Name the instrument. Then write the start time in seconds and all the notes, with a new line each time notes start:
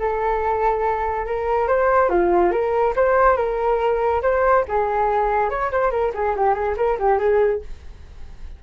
flute
0.00 A4
1.26 A#4
1.68 C5
2.10 F4
2.52 A#4
2.96 C5
3.37 A#4
4.23 C5
4.69 G#4
5.50 C#5
5.72 C5
5.91 A#4
6.15 G#4
6.37 G4
6.55 G#4
6.78 A#4
7.00 G4
7.19 G#4